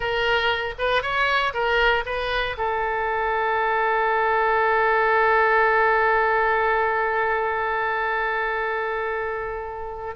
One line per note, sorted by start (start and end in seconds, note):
0.00 0.74 A#4
0.78 1.02 B4
1.02 1.53 C#5
1.53 2.04 A#4
2.05 2.56 B4
2.57 10.15 A4